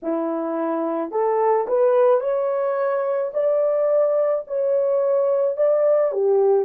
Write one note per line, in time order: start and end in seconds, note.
0.02 1.11 E4
1.11 1.66 A4
1.67 2.20 B4
2.20 3.31 C#5
3.33 4.44 D5
4.47 5.56 C#5
5.56 6.12 D5
6.12 6.65 G4